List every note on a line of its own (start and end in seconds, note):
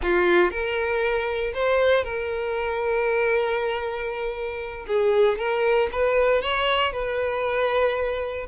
0.02 0.50 F4
0.50 1.53 A#4
1.54 2.04 C5
2.04 4.86 A#4
4.87 5.38 G#4
5.38 5.89 A#4
5.91 6.41 B4
6.41 6.92 C#5
6.92 8.46 B4